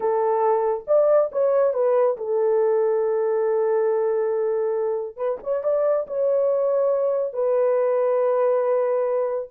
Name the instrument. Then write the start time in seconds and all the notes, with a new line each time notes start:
horn
0.00 A4
0.87 D5
1.31 C#5
1.73 B4
2.17 A4
5.16 B4
5.43 C#5
5.63 D5
6.07 C#5
7.33 B4